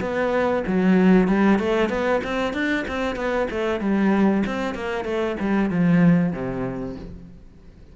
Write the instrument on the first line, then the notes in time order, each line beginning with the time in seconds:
cello
0.00 B3
0.67 F#3
1.28 G3
1.59 A3
1.89 B3
2.24 C4
2.53 D4
2.87 C4
3.16 B3
3.50 A3
3.80 G3
4.46 C4
4.74 A#3
5.04 A3
5.40 G3
5.70 F3
6.32 C3